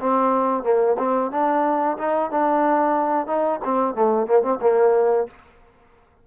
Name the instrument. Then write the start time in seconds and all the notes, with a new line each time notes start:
trombone
0.00 C4
0.63 A#3
0.98 C4
1.31 D4
1.98 D#4
2.31 D4
3.27 D#4
3.64 C4
3.95 A3
4.27 A#3
4.42 C4
4.61 A#3